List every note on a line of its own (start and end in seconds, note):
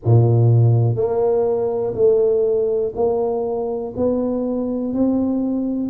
0.04 0.95 A#2
0.95 1.94 A#3
1.94 2.92 A3
2.95 3.93 A#3
3.96 4.93 B3
4.93 5.89 C4